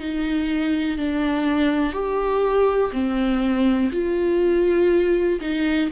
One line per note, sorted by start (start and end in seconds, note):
0.00 0.98 D#4
0.98 1.93 D4
1.93 2.92 G4
2.93 3.91 C4
3.92 5.40 F4
5.41 5.90 D#4